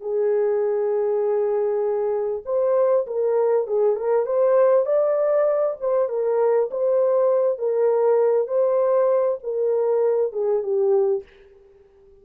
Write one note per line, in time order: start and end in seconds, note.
0.00 2.42 G#4
2.45 3.06 C5
3.06 3.67 A#4
3.67 3.96 G#4
3.96 4.26 A#4
4.26 4.85 C5
4.85 5.76 D5
5.80 6.09 C5
6.09 6.69 A#4
6.71 7.58 C5
7.58 8.47 A#4
8.47 9.38 C5
9.43 10.32 A#4
10.32 10.62 G#4
10.62 11.23 G4